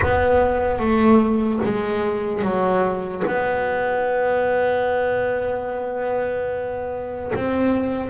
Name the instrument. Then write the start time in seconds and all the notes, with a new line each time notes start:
double bass
0.01 B3
0.79 A3
1.64 G#3
2.42 F#3
3.27 B3
7.35 C4